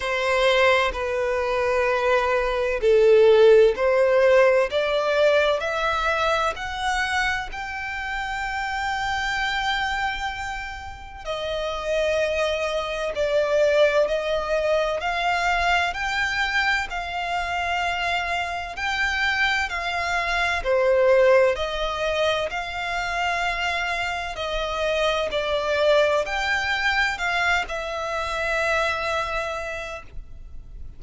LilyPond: \new Staff \with { instrumentName = "violin" } { \time 4/4 \tempo 4 = 64 c''4 b'2 a'4 | c''4 d''4 e''4 fis''4 | g''1 | dis''2 d''4 dis''4 |
f''4 g''4 f''2 | g''4 f''4 c''4 dis''4 | f''2 dis''4 d''4 | g''4 f''8 e''2~ e''8 | }